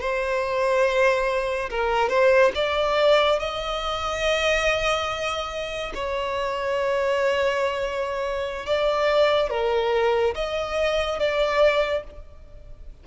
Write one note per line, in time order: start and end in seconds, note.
0.00 1.69 C5
1.70 2.09 A#4
2.09 2.51 C5
2.54 3.39 D5
3.39 5.92 D#5
5.94 8.66 C#5
8.66 9.50 D5
9.50 10.34 A#4
10.34 11.19 D#5
11.19 12.03 D5